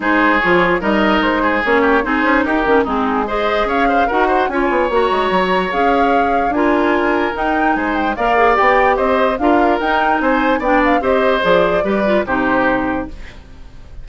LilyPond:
<<
  \new Staff \with { instrumentName = "flute" } { \time 4/4 \tempo 4 = 147 c''4 cis''4 dis''4 c''4 | cis''4 c''4 ais'4 gis'4 | dis''4 f''4 fis''4 gis''4 | ais''2 f''2 |
gis''2 g''4 gis''8 g''8 | f''4 g''4 dis''4 f''4 | g''4 gis''4 g''8 f''8 dis''4 | d''2 c''2 | }
  \new Staff \with { instrumentName = "oboe" } { \time 4/4 gis'2 ais'4. gis'8~ | gis'8 g'8 gis'4 g'4 dis'4 | c''4 cis''8 c''8 ais'8 c''8 cis''4~ | cis''1 |
ais'2. c''4 | d''2 c''4 ais'4~ | ais'4 c''4 d''4 c''4~ | c''4 b'4 g'2 | }
  \new Staff \with { instrumentName = "clarinet" } { \time 4/4 dis'4 f'4 dis'2 | cis'4 dis'4. cis'8 c'4 | gis'2 fis'4 f'4 | fis'2 gis'2 |
f'2 dis'2 | ais'8 gis'8 g'2 f'4 | dis'2 d'4 g'4 | gis'4 g'8 f'8 dis'2 | }
  \new Staff \with { instrumentName = "bassoon" } { \time 4/4 gis4 f4 g4 gis4 | ais4 c'8 cis'8 dis'8 dis8 gis4~ | gis4 cis'4 dis'4 cis'8 b8 | ais8 gis8 fis4 cis'2 |
d'2 dis'4 gis4 | ais4 b4 c'4 d'4 | dis'4 c'4 b4 c'4 | f4 g4 c2 | }
>>